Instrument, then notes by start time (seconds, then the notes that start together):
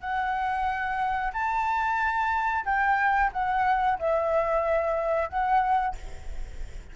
flute
0.00 F#5
1.32 A5
2.65 G5
3.32 F#5
3.99 E5
5.29 F#5